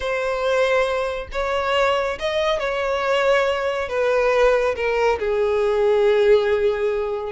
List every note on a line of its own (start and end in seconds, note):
0.00 1.28 C5
1.32 2.18 C#5
2.19 2.59 D#5
2.59 3.88 C#5
3.88 4.75 B4
4.75 5.18 A#4
5.19 7.32 G#4